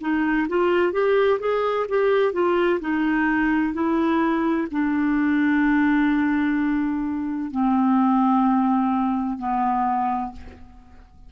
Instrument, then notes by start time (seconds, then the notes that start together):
clarinet
0.00 D#4
0.48 F4
0.92 G4
1.39 G#4
1.89 G4
2.32 F4
2.80 D#4
3.73 E4
4.70 D4
7.51 C4
9.38 B3